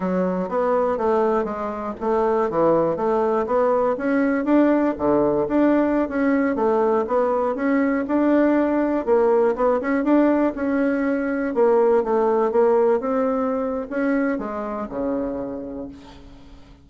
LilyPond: \new Staff \with { instrumentName = "bassoon" } { \time 4/4 \tempo 4 = 121 fis4 b4 a4 gis4 | a4 e4 a4 b4 | cis'4 d'4 d4 d'4~ | d'16 cis'4 a4 b4 cis'8.~ |
cis'16 d'2 ais4 b8 cis'16~ | cis'16 d'4 cis'2 ais8.~ | ais16 a4 ais4 c'4.~ c'16 | cis'4 gis4 cis2 | }